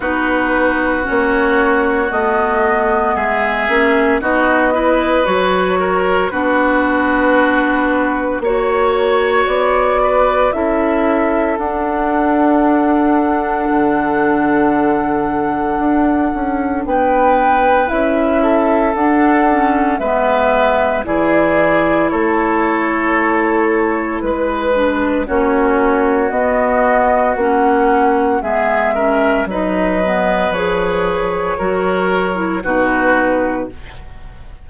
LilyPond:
<<
  \new Staff \with { instrumentName = "flute" } { \time 4/4 \tempo 4 = 57 b'4 cis''4 dis''4 e''4 | dis''4 cis''4 b'2 | cis''4 d''4 e''4 fis''4~ | fis''1 |
g''4 e''4 fis''4 e''4 | d''4 cis''2 b'4 | cis''4 dis''4 fis''4 e''4 | dis''4 cis''2 b'4 | }
  \new Staff \with { instrumentName = "oboe" } { \time 4/4 fis'2. gis'4 | fis'8 b'4 ais'8 fis'2 | cis''4. b'8 a'2~ | a'1 |
b'4. a'4. b'4 | gis'4 a'2 b'4 | fis'2. gis'8 ais'8 | b'2 ais'4 fis'4 | }
  \new Staff \with { instrumentName = "clarinet" } { \time 4/4 dis'4 cis'4 b4. cis'8 | dis'8 e'8 fis'4 d'2 | fis'2 e'4 d'4~ | d'1~ |
d'4 e'4 d'8 cis'8 b4 | e'2.~ e'8 d'8 | cis'4 b4 cis'4 b8 cis'8 | dis'8 b8 gis'4 fis'8. e'16 dis'4 | }
  \new Staff \with { instrumentName = "bassoon" } { \time 4/4 b4 ais4 a4 gis8 ais8 | b4 fis4 b2 | ais4 b4 cis'4 d'4~ | d'4 d2 d'8 cis'8 |
b4 cis'4 d'4 gis4 | e4 a2 gis4 | ais4 b4 ais4 gis4 | fis4 f4 fis4 b,4 | }
>>